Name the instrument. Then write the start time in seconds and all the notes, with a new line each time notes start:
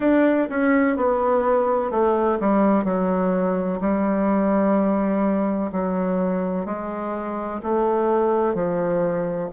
bassoon
0.00 D4
0.49 C#4
0.96 B3
1.90 A3
2.39 G3
2.84 F#3
3.81 G3
5.71 F#3
6.65 G#3
7.62 A3
8.54 F3